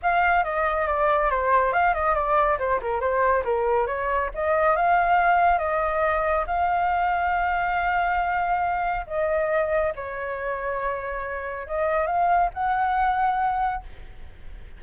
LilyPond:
\new Staff \with { instrumentName = "flute" } { \time 4/4 \tempo 4 = 139 f''4 dis''4 d''4 c''4 | f''8 dis''8 d''4 c''8 ais'8 c''4 | ais'4 cis''4 dis''4 f''4~ | f''4 dis''2 f''4~ |
f''1~ | f''4 dis''2 cis''4~ | cis''2. dis''4 | f''4 fis''2. | }